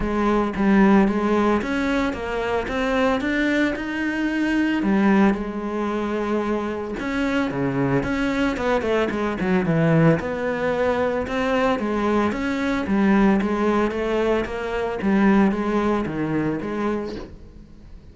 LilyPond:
\new Staff \with { instrumentName = "cello" } { \time 4/4 \tempo 4 = 112 gis4 g4 gis4 cis'4 | ais4 c'4 d'4 dis'4~ | dis'4 g4 gis2~ | gis4 cis'4 cis4 cis'4 |
b8 a8 gis8 fis8 e4 b4~ | b4 c'4 gis4 cis'4 | g4 gis4 a4 ais4 | g4 gis4 dis4 gis4 | }